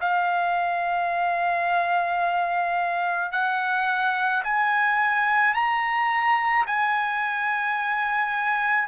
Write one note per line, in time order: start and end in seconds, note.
0.00 3.32 F5
3.32 4.43 F#5
4.43 5.54 G#5
5.54 6.65 A#5
6.67 8.87 G#5